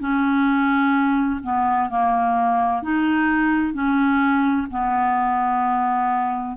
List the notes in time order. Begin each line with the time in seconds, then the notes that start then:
0.00 C#4
1.43 B3
1.90 A#3
2.83 D#4
3.74 C#4
4.71 B3